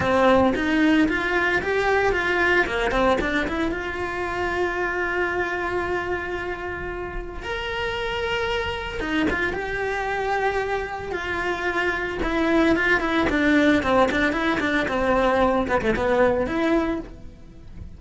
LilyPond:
\new Staff \with { instrumentName = "cello" } { \time 4/4 \tempo 4 = 113 c'4 dis'4 f'4 g'4 | f'4 ais8 c'8 d'8 e'8 f'4~ | f'1~ | f'2 ais'2~ |
ais'4 dis'8 f'8 g'2~ | g'4 f'2 e'4 | f'8 e'8 d'4 c'8 d'8 e'8 d'8 | c'4. b16 a16 b4 e'4 | }